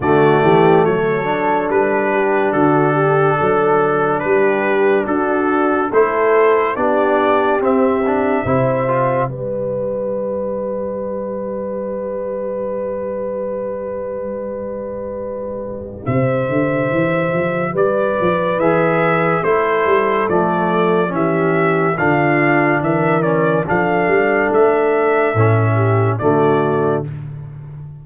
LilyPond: <<
  \new Staff \with { instrumentName = "trumpet" } { \time 4/4 \tempo 4 = 71 d''4 cis''4 b'4 a'4~ | a'4 b'4 a'4 c''4 | d''4 e''2 d''4~ | d''1~ |
d''2. e''4~ | e''4 d''4 e''4 c''4 | d''4 e''4 f''4 e''8 d''8 | f''4 e''2 d''4 | }
  \new Staff \with { instrumentName = "horn" } { \time 4/4 fis'8 g'8 a'4. g'8 fis'8 g'8 | a'4 g'4 fis'4 a'4 | g'2 c''4 b'4~ | b'1~ |
b'2. c''4~ | c''4 b'2 a'4~ | a'4 g'4 f'4 ais'4 | a'2~ a'8 g'8 fis'4 | }
  \new Staff \with { instrumentName = "trombone" } { \time 4/4 a4. d'2~ d'8~ | d'2. e'4 | d'4 c'8 d'8 e'8 f'8 g'4~ | g'1~ |
g'1~ | g'2 gis'4 e'4 | a4 cis'4 d'4. cis'8 | d'2 cis'4 a4 | }
  \new Staff \with { instrumentName = "tuba" } { \time 4/4 d8 e8 fis4 g4 d4 | fis4 g4 d'4 a4 | b4 c'4 c4 g4~ | g1~ |
g2. c8 d8 | e8 f8 g8 f8 e4 a8 g8 | f4 e4 d4 e4 | f8 g8 a4 a,4 d4 | }
>>